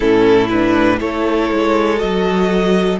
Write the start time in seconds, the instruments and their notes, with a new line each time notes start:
0.00 cello A2, viola C#4, violin E4 A4
0.49 viola D4, violin B4
1.00 cello A3, viola E4, violin A4 C#5
1.52 cello G#3
1.96 viola F#4, violin D#5
2.02 cello F#3